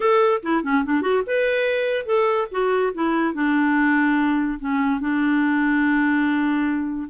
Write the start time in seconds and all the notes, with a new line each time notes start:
0.00 A4
0.42 E4
0.63 C#4
0.84 D4
1.01 F#4
1.26 B4
2.05 A4
2.51 F#4
2.94 E4
3.33 D4
4.59 C#4
5.00 D4